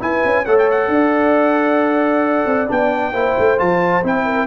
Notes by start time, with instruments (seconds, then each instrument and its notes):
0.00 trombone E4, tuba E4, horn B4, trumpet G#5
0.25 tuba C#4
0.46 tuba A3, trombone A4, horn C#5, trumpet F#5
0.59 trumpet G5
0.71 trumpet F#5
0.88 tuba D4, horn D5
2.46 tuba C4
2.68 tuba B3, trombone D4, trumpet G5
3.12 tuba A#3, trombone E4, horn C5
3.39 tuba A3
3.58 tuba F3, trombone F4, trumpet A5
4.04 tuba C4, trombone E4, trumpet G5
4.25 horn A#4